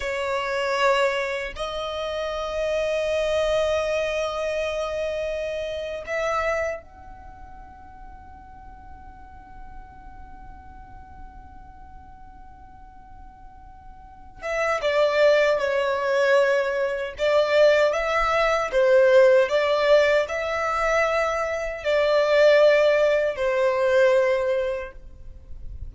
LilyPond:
\new Staff \with { instrumentName = "violin" } { \time 4/4 \tempo 4 = 77 cis''2 dis''2~ | dis''2.~ dis''8. e''16~ | e''8. fis''2.~ fis''16~ | fis''1~ |
fis''2~ fis''8 e''8 d''4 | cis''2 d''4 e''4 | c''4 d''4 e''2 | d''2 c''2 | }